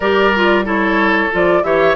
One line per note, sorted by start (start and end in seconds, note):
0.00 1.28 G3
0.00 0.34 G4
0.00 0.65 A#4
0.00 0.65 D5
0.35 0.64 F4
0.64 1.29 E4
0.64 1.62 A4
0.64 1.32 C#5
1.31 1.63 F3
1.31 1.63 F4
1.31 1.63 D5
1.63 1.95 E3
1.63 1.95 G4
1.63 1.95 C#5
1.63 1.95 E5